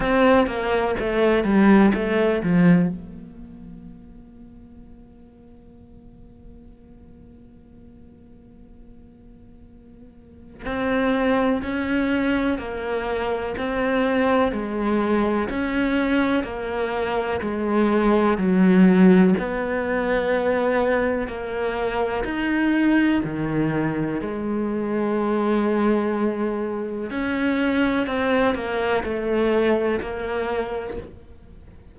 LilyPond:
\new Staff \with { instrumentName = "cello" } { \time 4/4 \tempo 4 = 62 c'8 ais8 a8 g8 a8 f8 ais4~ | ais1~ | ais2. c'4 | cis'4 ais4 c'4 gis4 |
cis'4 ais4 gis4 fis4 | b2 ais4 dis'4 | dis4 gis2. | cis'4 c'8 ais8 a4 ais4 | }